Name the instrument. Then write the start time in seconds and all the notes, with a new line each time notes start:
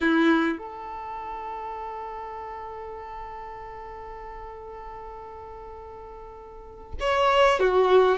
violin
0.00 E4
0.58 A4
6.99 C#5
7.59 F#4